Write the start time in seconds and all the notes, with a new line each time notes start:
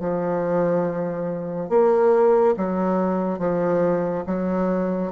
0.00 F3
1.69 A#3
2.57 F#3
3.39 F3
4.27 F#3